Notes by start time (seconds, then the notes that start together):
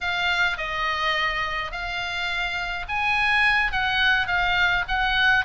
0.00 F5
0.57 D#5
1.71 F5
2.88 G#5
3.71 F#5
4.27 F5
4.88 F#5